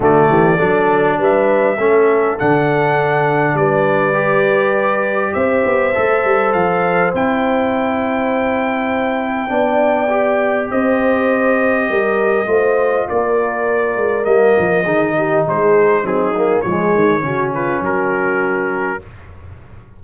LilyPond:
<<
  \new Staff \with { instrumentName = "trumpet" } { \time 4/4 \tempo 4 = 101 d''2 e''2 | fis''2 d''2~ | d''4 e''2 f''4 | g''1~ |
g''2 dis''2~ | dis''2 d''2 | dis''2 c''4 gis'4 | cis''4. b'8 ais'2 | }
  \new Staff \with { instrumentName = "horn" } { \time 4/4 fis'8 g'8 a'4 b'4 a'4~ | a'2 b'2~ | b'4 c''2.~ | c''1 |
d''2 c''2 | ais'4 c''4 ais'2~ | ais'4 gis'8 g'8 gis'4 dis'4 | gis'4 fis'8 f'8 fis'2 | }
  \new Staff \with { instrumentName = "trombone" } { \time 4/4 a4 d'2 cis'4 | d'2. g'4~ | g'2 a'2 | e'1 |
d'4 g'2.~ | g'4 f'2. | ais4 dis'2 c'8 ais8 | gis4 cis'2. | }
  \new Staff \with { instrumentName = "tuba" } { \time 4/4 d8 e8 fis4 g4 a4 | d2 g2~ | g4 c'8 b8 a8 g8 f4 | c'1 |
b2 c'2 | g4 a4 ais4. gis8 | g8 f8 dis4 gis4 fis4 | f8 dis8 cis4 fis2 | }
>>